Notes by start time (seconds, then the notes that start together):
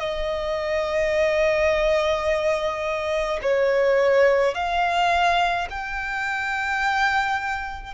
0.00 D#5
3.42 C#5
4.55 F5
5.70 G5